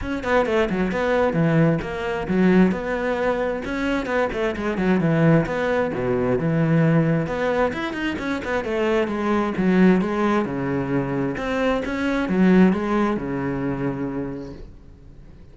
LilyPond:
\new Staff \with { instrumentName = "cello" } { \time 4/4 \tempo 4 = 132 cis'8 b8 a8 fis8 b4 e4 | ais4 fis4 b2 | cis'4 b8 a8 gis8 fis8 e4 | b4 b,4 e2 |
b4 e'8 dis'8 cis'8 b8 a4 | gis4 fis4 gis4 cis4~ | cis4 c'4 cis'4 fis4 | gis4 cis2. | }